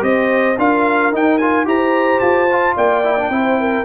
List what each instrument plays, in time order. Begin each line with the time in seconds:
0.00 tuba C4, trombone G4, horn C5, trumpet D#5
0.59 tuba D4, trombone F4, horn A#4, trumpet F5
1.13 trombone D#4, tuba D#4, trumpet G5
1.38 trombone F4, trumpet G#5
1.65 tuba E4, trombone G4, horn C5, trumpet A#5
2.20 tuba F4, trumpet A5
2.52 trombone F4
2.76 tuba A#3, horn D5, trumpet G5
3.04 trombone E4
3.19 trombone D4
3.30 tuba C4, trombone E4, horn C5
3.61 horn A#4